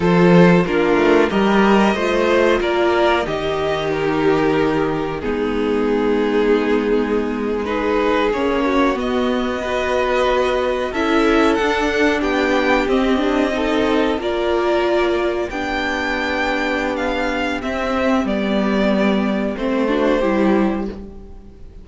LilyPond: <<
  \new Staff \with { instrumentName = "violin" } { \time 4/4 \tempo 4 = 92 c''4 ais'4 dis''2 | d''4 dis''4 ais'2 | gis'2.~ gis'8. b'16~ | b'8. cis''4 dis''2~ dis''16~ |
dis''8. e''4 fis''4 g''4 dis''16~ | dis''4.~ dis''16 d''2 g''16~ | g''2 f''4 e''4 | d''2 c''2 | }
  \new Staff \with { instrumentName = "violin" } { \time 4/4 a'4 f'4 ais'4 c''4 | ais'4 g'2. | dis'2.~ dis'8. gis'16~ | gis'4~ gis'16 fis'4. b'4~ b'16~ |
b'8. a'2 g'4~ g'16~ | g'8. a'4 ais'2 g'16~ | g'1~ | g'2~ g'8 fis'8 g'4 | }
  \new Staff \with { instrumentName = "viola" } { \time 4/4 f'4 d'4 g'4 f'4~ | f'4 dis'2. | b2.~ b8. dis'16~ | dis'8. cis'4 b4 fis'4~ fis'16~ |
fis'8. e'4 d'2 c'16~ | c'16 d'8 dis'4 f'2 d'16~ | d'2. c'4 | b2 c'8 d'8 e'4 | }
  \new Staff \with { instrumentName = "cello" } { \time 4/4 f4 ais8 a8 g4 a4 | ais4 dis2. | gis1~ | gis8. ais4 b2~ b16~ |
b8. cis'4 d'4 b4 c'16~ | c'4.~ c'16 ais2 b16~ | b2. c'4 | g2 a4 g4 | }
>>